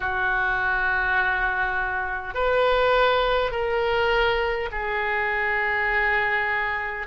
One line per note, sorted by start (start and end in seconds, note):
0.00 2.34 F#4
2.34 3.51 B4
3.51 4.68 A#4
4.71 7.06 G#4